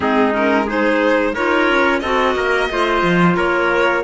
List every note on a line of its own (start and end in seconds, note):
0.00 1.34 G#3
0.00 0.32 C4
0.00 0.65 D#4
0.00 0.34 G#4
0.32 0.65 C#4
0.32 0.69 A#4
0.65 1.34 D#4
0.65 1.33 G#4
0.65 1.35 C5
1.34 1.69 D#4
1.34 2.03 F4
1.34 2.01 A#4
1.34 1.99 C#5
1.69 2.02 C#4
1.99 2.35 C4
1.99 2.70 F#4
1.99 2.35 A4
1.99 3.34 D#5
2.35 2.69 A#3
2.35 2.69 A#4
2.70 3.02 A3
2.70 4.04 F4
2.70 3.36 C5
3.02 3.36 F3
3.36 4.04 A#3
3.36 4.03 A#4
3.36 4.04 C#5